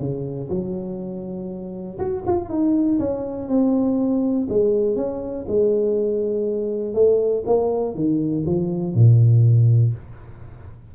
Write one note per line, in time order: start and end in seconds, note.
0.00 0.50 C#3
0.50 1.99 F#3
1.99 2.24 F#4
2.27 2.50 F4
2.50 2.99 D#4
3.00 3.48 C#4
3.48 4.48 C4
4.49 4.96 G#3
4.96 5.46 C#4
5.48 6.94 G#3
6.94 7.44 A3
7.46 7.95 A#3
7.95 8.44 D#3
8.46 8.95 F3
8.95 9.94 A#2